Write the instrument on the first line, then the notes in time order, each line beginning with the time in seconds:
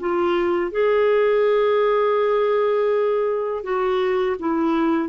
clarinet
0.00 F4
0.71 G#4
3.63 F#4
4.39 E4